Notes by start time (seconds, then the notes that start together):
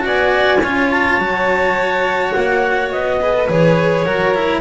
0.00 B3 F#4 D5
0.06 G#5
0.61 C#4 F4 C#5
0.90 A5
1.18 F#3 F#4
2.32 A#3 F#5
2.91 B3 D#5
3.21 G#4 B4
3.33 A4
3.48 E3 G#4 C#5
4.04 F#3 F#4 A#4
4.34 E4